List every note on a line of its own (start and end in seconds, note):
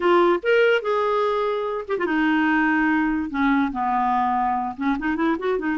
0.00 0.39 F4
0.43 0.82 A#4
0.82 1.85 G#4
1.87 1.98 G4
1.98 2.06 F4
2.06 3.30 D#4
3.30 3.71 C#4
3.72 4.75 B3
4.76 4.97 C#4
4.99 5.16 D#4
5.16 5.36 E4
5.38 5.58 F#4
5.58 5.77 D#4